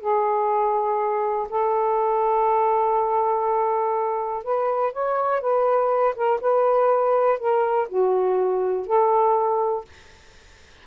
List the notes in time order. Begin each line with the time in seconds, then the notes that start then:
0.00 G#4
1.49 A4
4.43 B4
4.92 C#5
5.41 B4
6.15 A#4
6.40 B4
7.38 A#4
7.88 F#4
8.86 A4